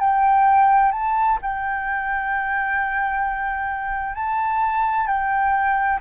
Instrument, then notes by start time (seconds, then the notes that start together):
flute
0.00 G5
0.92 A5
1.42 G5
4.15 A5
5.07 G5